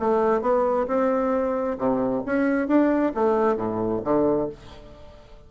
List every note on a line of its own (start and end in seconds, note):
0.00 0.42 A3
0.42 0.87 B3
0.88 1.78 C4
1.78 2.24 C3
2.26 2.68 C#4
2.68 3.13 D4
3.15 3.57 A3
3.57 4.02 A2
4.04 4.49 D3